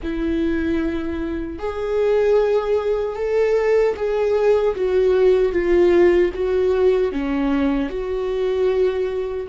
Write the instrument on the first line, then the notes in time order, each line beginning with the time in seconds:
viola
0.02 E4
1.59 G#4
3.16 A4
3.95 G#4
4.75 F#4
5.52 F4
6.34 F#4
7.12 C#4
7.89 F#4